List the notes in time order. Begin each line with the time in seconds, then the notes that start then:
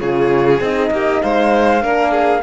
0.00 C#3 F4 G#4 C#5
0.60 C4 D#4 D#5
0.91 A#3 G4
1.22 G#3 C5 F5
1.82 A#3 D4 A#4
2.11 G#4